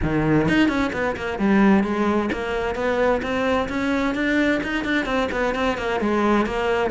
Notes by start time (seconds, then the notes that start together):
0.03 D#3
0.48 D#4
0.68 C#4
0.93 B3
1.16 A#3
1.38 G3
1.83 G#3
2.32 A#3
2.75 B3
3.22 C4
3.68 C#4
4.14 D4
4.63 D#4
4.84 D4
5.05 C4
5.31 B3
5.54 C4
5.77 A#3
6.00 G#3
6.46 A#3